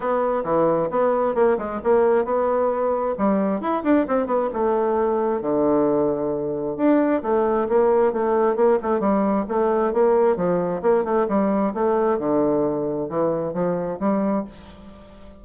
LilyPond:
\new Staff \with { instrumentName = "bassoon" } { \time 4/4 \tempo 4 = 133 b4 e4 b4 ais8 gis8 | ais4 b2 g4 | e'8 d'8 c'8 b8 a2 | d2. d'4 |
a4 ais4 a4 ais8 a8 | g4 a4 ais4 f4 | ais8 a8 g4 a4 d4~ | d4 e4 f4 g4 | }